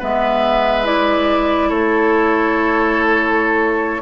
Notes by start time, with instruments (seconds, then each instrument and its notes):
0.00 bassoon G#3, clarinet B3, oboe B4, flute E5
0.84 clarinet E4, flute D5
1.70 bassoon A3, oboe A4, flute C#5